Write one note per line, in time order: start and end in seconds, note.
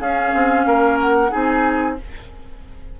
0.00 0.33 C#4
0.00 1.30 C#4
0.00 0.66 G#4
0.00 0.98 F5
0.35 0.66 C4
0.66 1.31 A#3
0.66 1.31 A#4
1.01 1.33 F#5
1.30 2.00 C4
1.30 1.96 D#4
1.30 1.96 G#4
1.30 1.99 G#5